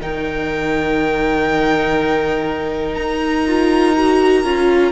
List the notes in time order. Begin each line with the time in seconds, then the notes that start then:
0.00 D#3 D#4 A#4 G5
2.95 D#4 A#5
3.47 F4
3.97 F#4
4.44 C#4 F4